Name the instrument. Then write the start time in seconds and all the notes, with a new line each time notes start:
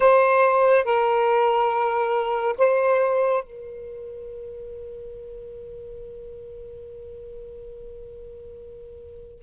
saxophone
0.00 C5
0.84 A#4
2.58 C5
3.43 A#4